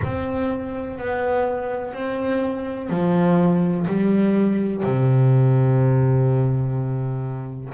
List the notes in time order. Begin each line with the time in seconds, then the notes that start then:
0.03 C4
0.98 B3
1.93 C4
2.89 F3
3.87 G3
4.83 C3